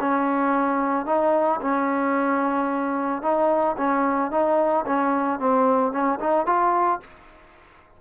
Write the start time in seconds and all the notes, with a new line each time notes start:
0.00 C#4
1.06 D#4
1.61 C#4
3.22 D#4
3.78 C#4
4.31 D#4
4.86 C#4
5.40 C4
5.92 C#4
6.20 D#4
6.46 F4